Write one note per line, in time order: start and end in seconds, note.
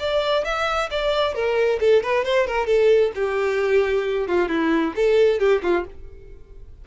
0.00 0.45 D5
0.45 0.90 E5
0.91 1.35 D5
1.35 1.80 A#4
1.81 2.03 A4
2.03 2.25 B4
2.25 2.48 C5
2.48 2.67 A#4
2.67 3.12 A4
3.16 4.28 G4
4.28 4.49 F4
4.49 4.94 E4
4.96 5.40 A4
5.40 5.62 G4
5.63 5.85 F4